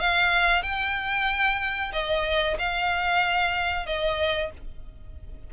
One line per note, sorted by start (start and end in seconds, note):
0.00 0.63 F5
0.63 1.92 G5
1.93 2.57 D#5
2.59 3.86 F5
3.86 4.50 D#5